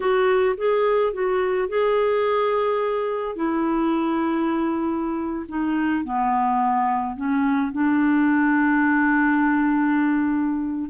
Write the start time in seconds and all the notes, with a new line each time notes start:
0.00 F#4
0.57 G#4
1.13 F#4
1.68 G#4
3.35 E4
5.48 D#4
6.04 B3
7.15 C#4
7.72 D4